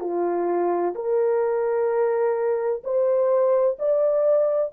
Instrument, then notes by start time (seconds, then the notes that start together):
horn
0.00 F4
0.95 A#4
2.83 C5
3.78 D5